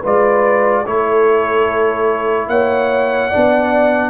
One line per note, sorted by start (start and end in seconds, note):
0.00 0.86 G#3
0.00 0.85 F4
0.00 0.82 B4
0.00 0.86 D5
0.86 2.47 A3
0.86 3.32 E4
0.86 2.49 A4
0.86 2.49 C#5
2.47 3.29 A#3
2.47 3.30 C#5
2.47 4.10 F#5
3.30 4.10 B3
3.30 4.10 D4
3.30 4.10 D5